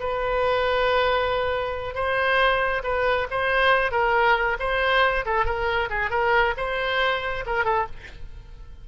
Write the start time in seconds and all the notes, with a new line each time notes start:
0.00 B4
1.95 C5
2.84 B4
3.31 C5
3.91 A#4
4.59 C5
5.25 A4
5.45 A#4
5.90 G#4
6.10 A#4
6.57 C5
7.46 A#4
7.64 A4